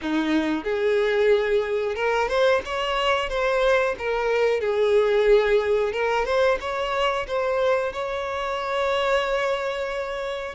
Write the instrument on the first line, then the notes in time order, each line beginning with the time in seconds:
violin
0.01 D#4
0.64 G#4
1.95 A#4
2.28 C5
2.65 C#5
3.29 C5
3.98 A#4
4.60 G#4
5.92 A#4
6.25 C5
6.60 C#5
7.27 C5
7.92 C#5